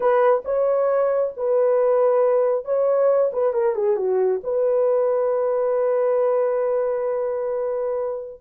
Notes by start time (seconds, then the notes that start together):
0.00 B4
0.45 C#5
1.36 B4
2.65 C#5
3.32 B4
3.53 A#4
3.75 G#4
3.96 F#4
4.43 B4